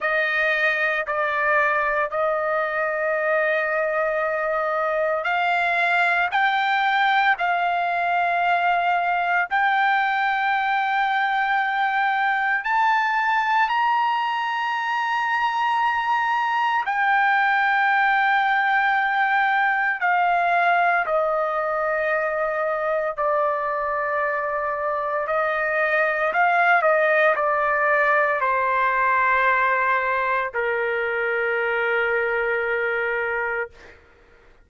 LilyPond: \new Staff \with { instrumentName = "trumpet" } { \time 4/4 \tempo 4 = 57 dis''4 d''4 dis''2~ | dis''4 f''4 g''4 f''4~ | f''4 g''2. | a''4 ais''2. |
g''2. f''4 | dis''2 d''2 | dis''4 f''8 dis''8 d''4 c''4~ | c''4 ais'2. | }